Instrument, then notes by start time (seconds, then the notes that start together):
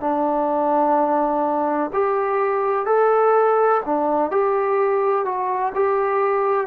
trombone
0.00 D4
1.93 G4
2.86 A4
3.85 D4
4.31 G4
5.25 F#4
5.75 G4